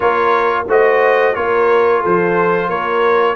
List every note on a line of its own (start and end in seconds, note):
0.00 0.68 A#3
0.00 0.65 F4
0.00 0.66 A#4
0.00 0.65 C#5
0.68 1.35 A3
0.68 1.34 F#4
0.68 1.36 C5
0.68 1.35 D#5
1.34 2.04 A#3
1.34 3.35 F4
1.34 2.01 A#4
1.34 2.02 C#5
2.01 2.69 F3
2.01 2.67 A4
2.01 2.69 C5
2.67 3.35 A#3
2.67 3.34 A#4
2.67 3.35 C#5